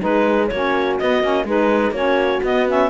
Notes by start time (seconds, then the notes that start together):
0.00 G#3 D#4 G#4 B4
0.48 A#3 F#4 C#5
0.54 C#4
0.99 B3 D#5
1.22 A#3 C#4
1.44 G#3 D#4 G#4 B4
1.91 A#3 C#4 F#4 C#5
2.43 B3 D#5
2.67 C#4 E5